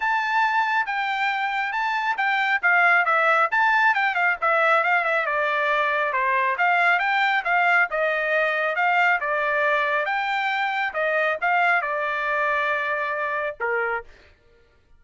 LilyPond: \new Staff \with { instrumentName = "trumpet" } { \time 4/4 \tempo 4 = 137 a''2 g''2 | a''4 g''4 f''4 e''4 | a''4 g''8 f''8 e''4 f''8 e''8 | d''2 c''4 f''4 |
g''4 f''4 dis''2 | f''4 d''2 g''4~ | g''4 dis''4 f''4 d''4~ | d''2. ais'4 | }